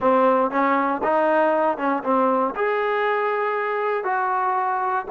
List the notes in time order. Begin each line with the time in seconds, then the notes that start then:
0.00 C4
0.50 C#4
1.03 D#4
1.77 C#4
2.03 C4
2.55 G#4
4.04 F#4